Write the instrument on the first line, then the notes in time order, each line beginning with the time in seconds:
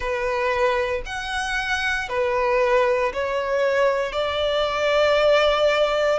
violin
0.00 B4
1.05 F#5
2.08 B4
3.13 C#5
4.12 D5